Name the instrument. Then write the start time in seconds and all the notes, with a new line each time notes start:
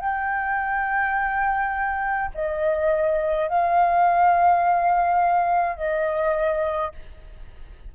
flute
0.00 G5
2.34 D#5
3.49 F5
5.76 D#5